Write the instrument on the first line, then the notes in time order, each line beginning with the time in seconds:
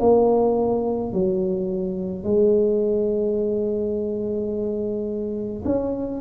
tuba
0.00 A#3
1.13 F#3
2.24 G#3
5.66 C#4